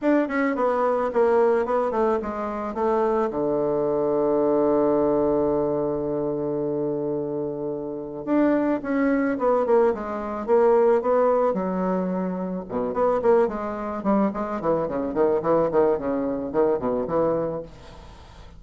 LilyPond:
\new Staff \with { instrumentName = "bassoon" } { \time 4/4 \tempo 4 = 109 d'8 cis'8 b4 ais4 b8 a8 | gis4 a4 d2~ | d1~ | d2. d'4 |
cis'4 b8 ais8 gis4 ais4 | b4 fis2 b,8 b8 | ais8 gis4 g8 gis8 e8 cis8 dis8 | e8 dis8 cis4 dis8 b,8 e4 | }